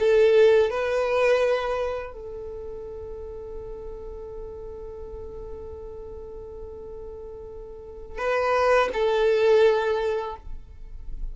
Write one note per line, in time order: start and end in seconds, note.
0.00 0.70 A4
0.70 2.13 B4
2.13 8.18 A4
8.18 8.90 B4
8.94 10.36 A4